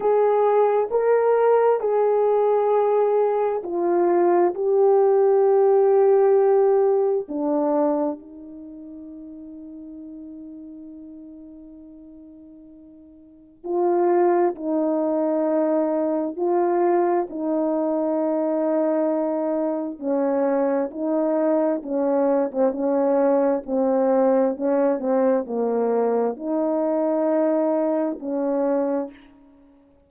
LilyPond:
\new Staff \with { instrumentName = "horn" } { \time 4/4 \tempo 4 = 66 gis'4 ais'4 gis'2 | f'4 g'2. | d'4 dis'2.~ | dis'2. f'4 |
dis'2 f'4 dis'4~ | dis'2 cis'4 dis'4 | cis'8. c'16 cis'4 c'4 cis'8 c'8 | ais4 dis'2 cis'4 | }